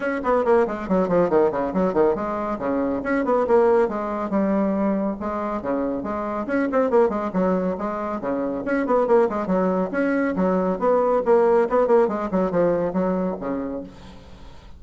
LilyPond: \new Staff \with { instrumentName = "bassoon" } { \time 4/4 \tempo 4 = 139 cis'8 b8 ais8 gis8 fis8 f8 dis8 cis8 | fis8 dis8 gis4 cis4 cis'8 b8 | ais4 gis4 g2 | gis4 cis4 gis4 cis'8 c'8 |
ais8 gis8 fis4 gis4 cis4 | cis'8 b8 ais8 gis8 fis4 cis'4 | fis4 b4 ais4 b8 ais8 | gis8 fis8 f4 fis4 cis4 | }